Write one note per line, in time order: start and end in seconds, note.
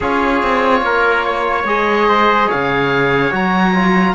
0.00 0.42 C#4
0.00 1.66 F4
0.00 0.82 G#4
0.00 1.67 C#5
0.43 0.81 C4
0.81 1.64 A#3
0.81 1.25 A#4
1.25 2.08 C#5
1.64 2.47 G#3
1.64 3.31 G#4
1.64 2.50 D#5
2.08 2.47 C5
2.47 3.32 C#3
2.47 4.14 C#5
2.47 3.33 F5
3.31 4.14 F#3
3.31 3.73 F#4
3.31 4.14 A#5
3.74 4.14 F4